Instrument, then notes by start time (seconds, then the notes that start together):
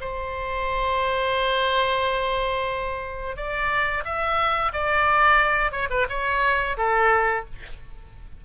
oboe
0.00 C5
3.36 D5
4.04 E5
4.72 D5
5.71 C#5
5.90 B4
6.09 C#5
6.77 A4